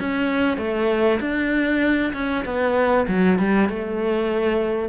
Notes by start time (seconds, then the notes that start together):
0.00 C#4
0.58 A3
1.20 D4
2.14 C#4
2.45 B3
3.08 F#3
3.39 G3
3.69 A3